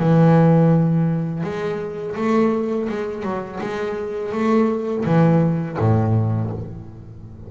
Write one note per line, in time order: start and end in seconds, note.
0.00 1.44 E3
1.44 2.16 G#3
2.16 2.88 A3
2.89 3.23 G#3
3.23 3.59 F#3
3.61 4.32 G#3
4.32 5.05 A3
5.05 5.78 E3
5.79 6.51 A2